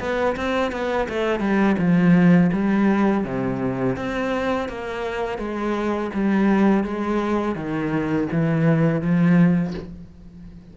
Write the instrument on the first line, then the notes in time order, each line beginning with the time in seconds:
cello
0.00 B3
0.37 C4
0.72 B3
1.09 A3
1.40 G3
1.78 F3
2.53 G3
3.24 C3
3.97 C4
4.69 A#3
5.39 G#3
6.14 G3
6.84 G#3
7.56 D#3
8.32 E3
9.02 F3